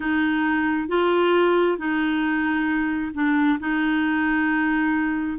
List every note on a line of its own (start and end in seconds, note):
0.00 0.88 D#4
0.88 1.77 F4
1.77 3.12 D#4
3.14 3.59 D4
3.59 5.38 D#4